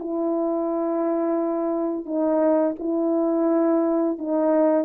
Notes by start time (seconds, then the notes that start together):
0.00 E4
2.06 D#4
2.80 E4
4.19 D#4